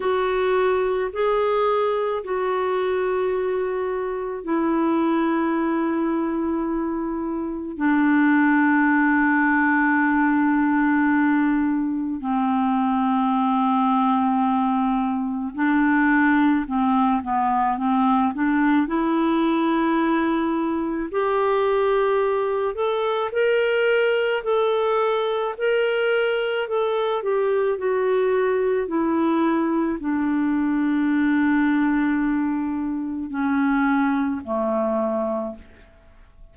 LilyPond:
\new Staff \with { instrumentName = "clarinet" } { \time 4/4 \tempo 4 = 54 fis'4 gis'4 fis'2 | e'2. d'4~ | d'2. c'4~ | c'2 d'4 c'8 b8 |
c'8 d'8 e'2 g'4~ | g'8 a'8 ais'4 a'4 ais'4 | a'8 g'8 fis'4 e'4 d'4~ | d'2 cis'4 a4 | }